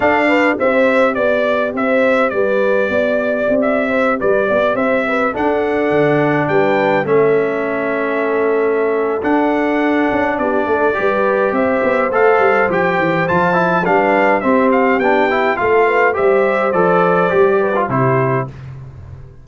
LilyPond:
<<
  \new Staff \with { instrumentName = "trumpet" } { \time 4/4 \tempo 4 = 104 f''4 e''4 d''4 e''4 | d''2~ d''16 e''4 d''8.~ | d''16 e''4 fis''2 g''8.~ | g''16 e''2.~ e''8. |
fis''2 d''2 | e''4 f''4 g''4 a''4 | f''4 e''8 f''8 g''4 f''4 | e''4 d''2 c''4 | }
  \new Staff \with { instrumentName = "horn" } { \time 4/4 a'8 b'8 c''4 d''4 c''4 | b'4 d''4.~ d''16 c''8 b'8 d''16~ | d''16 c''8 b'8 a'2 b'8.~ | b'16 a'2.~ a'8.~ |
a'2 g'8 a'8 b'4 | c''1 | b'4 g'2 a'8 b'8 | c''2~ c''8 b'8 g'4 | }
  \new Staff \with { instrumentName = "trombone" } { \time 4/4 d'4 g'2.~ | g'1~ | g'4~ g'16 d'2~ d'8.~ | d'16 cis'2.~ cis'8. |
d'2. g'4~ | g'4 a'4 g'4 f'8 e'8 | d'4 c'4 d'8 e'8 f'4 | g'4 a'4 g'8. f'16 e'4 | }
  \new Staff \with { instrumentName = "tuba" } { \time 4/4 d'4 c'4 b4 c'4 | g4 b4 c'4~ c'16 g8 b16~ | b16 c'4 d'4 d4 g8.~ | g16 a2.~ a8. |
d'4. cis'8 b8 a8 g4 | c'8 b8 a8 g8 f8 e8 f4 | g4 c'4 b4 a4 | g4 f4 g4 c4 | }
>>